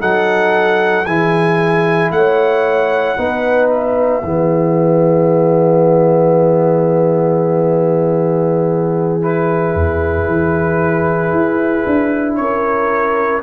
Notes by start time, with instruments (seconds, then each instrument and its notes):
0.00 tuba F#3, trombone D#4, horn A4, trumpet F#5
1.06 tuba E3, trombone E4, horn G#4, trumpet G#5
2.11 tuba A3, horn C#5, trumpet F#5
3.17 tuba B3, trombone D#4, horn B4
3.70 trumpet E5
4.24 tuba E3, trombone B3, horn G#4
9.21 trombone E4, trumpet B4
9.75 tuba E2
10.28 tuba E3
11.32 tuba E4
11.86 tuba D4
12.36 tuba C#4, horn A#4, trumpet C#5